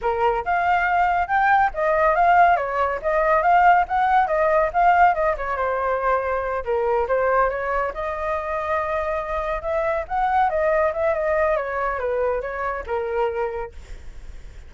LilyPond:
\new Staff \with { instrumentName = "flute" } { \time 4/4 \tempo 4 = 140 ais'4 f''2 g''4 | dis''4 f''4 cis''4 dis''4 | f''4 fis''4 dis''4 f''4 | dis''8 cis''8 c''2~ c''8 ais'8~ |
ais'8 c''4 cis''4 dis''4.~ | dis''2~ dis''8 e''4 fis''8~ | fis''8 dis''4 e''8 dis''4 cis''4 | b'4 cis''4 ais'2 | }